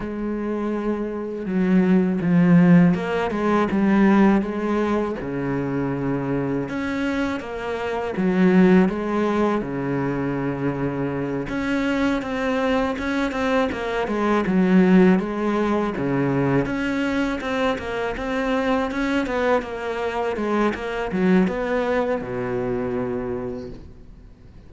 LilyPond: \new Staff \with { instrumentName = "cello" } { \time 4/4 \tempo 4 = 81 gis2 fis4 f4 | ais8 gis8 g4 gis4 cis4~ | cis4 cis'4 ais4 fis4 | gis4 cis2~ cis8 cis'8~ |
cis'8 c'4 cis'8 c'8 ais8 gis8 fis8~ | fis8 gis4 cis4 cis'4 c'8 | ais8 c'4 cis'8 b8 ais4 gis8 | ais8 fis8 b4 b,2 | }